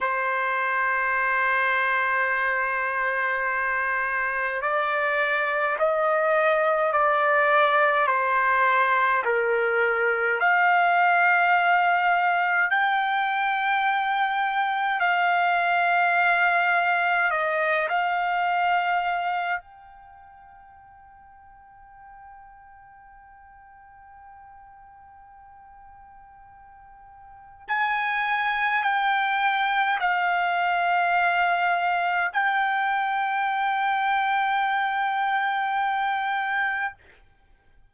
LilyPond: \new Staff \with { instrumentName = "trumpet" } { \time 4/4 \tempo 4 = 52 c''1 | d''4 dis''4 d''4 c''4 | ais'4 f''2 g''4~ | g''4 f''2 dis''8 f''8~ |
f''4 g''2.~ | g''1 | gis''4 g''4 f''2 | g''1 | }